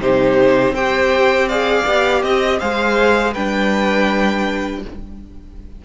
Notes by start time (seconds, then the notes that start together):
0.00 C3 D#4 G4 C5
0.70 C4 G4 C5 G5
1.48 G#4 D5 F5
1.86 B3 G4
2.21 C4 D#5
2.59 G#3 G#4 C5 F5
3.33 G3 D4 B4 G5